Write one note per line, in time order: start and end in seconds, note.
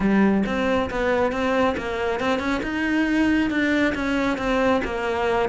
0.00 0.44 G3
0.46 0.90 C4
0.90 1.32 B3
1.32 1.75 C4
1.77 2.20 A#3
2.20 2.39 C4
2.39 2.61 C#4
2.62 3.50 D#4
3.50 3.94 D4
3.94 4.37 C#4
4.37 4.81 C4
4.84 5.49 A#3